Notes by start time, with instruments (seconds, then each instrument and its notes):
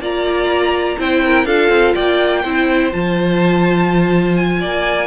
0.00 cello A#3, viola F4, violin D5 A#5
0.99 cello C4, viola E4, violin C5 G5
1.25 violin A#4
1.45 cello D4, viola F4, violin A4 F5
1.70 cello C4
1.95 cello A#3, violin D5 G5
2.42 cello C4, viola E4, violin C5
2.92 cello F3, viola F4, violin A5
4.36 violin G#5
4.60 cello A#3, violin D5